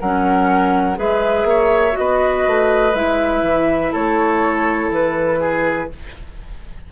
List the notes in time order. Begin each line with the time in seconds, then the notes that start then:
0.00 F#3 C#4 A#4 F#5
0.96 G#3 G#4 B4 E5
1.44 A#3 C#5
1.92 F#4 D#5
1.99 B3 B4
2.47 A3
2.94 G#3 E4 E5
3.42 E3
3.92 A3 A4 C#5
4.90 E3 B4
5.41 G#4